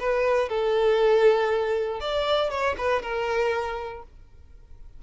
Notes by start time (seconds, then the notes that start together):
0.00 B4
0.49 A4
2.01 D5
2.50 C#5
2.78 B4
3.03 A#4